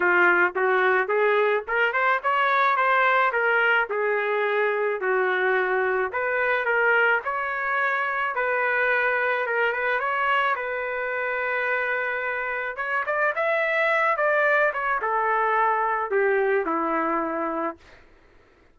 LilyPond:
\new Staff \with { instrumentName = "trumpet" } { \time 4/4 \tempo 4 = 108 f'4 fis'4 gis'4 ais'8 c''8 | cis''4 c''4 ais'4 gis'4~ | gis'4 fis'2 b'4 | ais'4 cis''2 b'4~ |
b'4 ais'8 b'8 cis''4 b'4~ | b'2. cis''8 d''8 | e''4. d''4 cis''8 a'4~ | a'4 g'4 e'2 | }